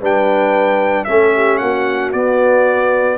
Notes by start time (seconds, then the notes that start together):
0.00 G3 D4 B4 G5
1.04 A3 C#4 A4 E5
1.34 G4
1.58 A#3 F#4 F#5
2.12 B3 D5